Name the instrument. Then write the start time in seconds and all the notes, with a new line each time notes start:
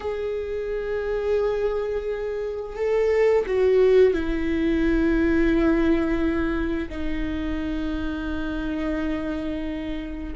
viola
0.00 G#4
2.76 A4
3.46 F#4
4.13 E4
6.89 D#4